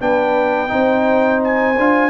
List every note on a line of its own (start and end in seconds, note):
0.00 0.71 B3
0.00 0.68 D4
0.00 0.71 B4
0.00 1.42 G5
0.68 1.78 C4
0.68 1.74 D#4
0.68 2.09 C5
1.43 2.09 G#5
1.78 2.09 D4
1.78 2.09 F4